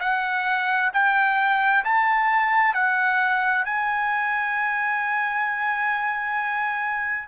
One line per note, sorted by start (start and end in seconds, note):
0.00 0.91 F#5
0.93 1.84 G5
1.84 2.74 A5
2.74 3.64 F#5
3.65 7.28 G#5